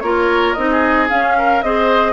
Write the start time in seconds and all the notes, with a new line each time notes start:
0.00 A#3 F4 A#4 C#5
0.53 C4 D#4 D#5
0.71 G#4
1.08 C#4 F5
1.37 A#4
1.62 C4 G#4 C5 D#5